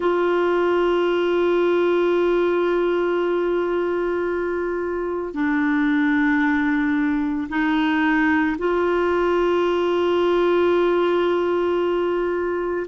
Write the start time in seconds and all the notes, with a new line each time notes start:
0.00 F4
5.33 D4
7.49 D#4
8.58 F4